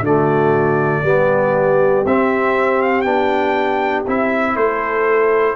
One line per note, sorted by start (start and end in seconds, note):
0.00 1.01 D3
0.00 1.05 A3
0.00 1.02 F#4
0.00 2.06 D5
1.02 2.04 G3
1.02 2.05 B3
1.02 4.55 G4
2.05 3.05 C4
2.05 2.82 E5
2.82 3.01 F5
3.01 4.06 B3
3.01 4.05 D4
3.01 4.02 G5
4.07 4.56 C4
4.07 5.56 E4
4.07 4.56 E5
4.56 5.56 A3
4.56 5.56 A4
4.56 5.56 C5